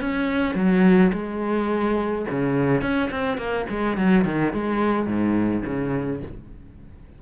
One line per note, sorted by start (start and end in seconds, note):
0.00 0.55 C#4
0.55 1.11 F#3
1.12 2.25 G#3
2.30 2.81 C#3
2.81 3.10 C#4
3.11 3.37 C4
3.37 3.65 A#3
3.69 3.97 G#3
3.97 4.25 F#3
4.25 4.53 D#3
4.53 5.06 G#3
5.06 5.62 G#2
5.65 6.22 C#3